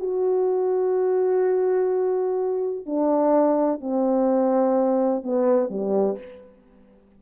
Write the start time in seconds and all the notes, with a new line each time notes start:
0.00 F#4
2.86 D4
3.81 C4
5.23 B3
5.71 G3